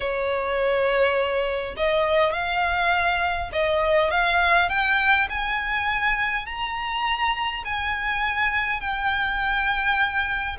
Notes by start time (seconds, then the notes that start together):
0.00 C#5
1.76 D#5
2.32 F5
3.52 D#5
4.10 F5
4.69 G5
5.29 G#5
6.45 A#5
7.65 G#5
8.80 G5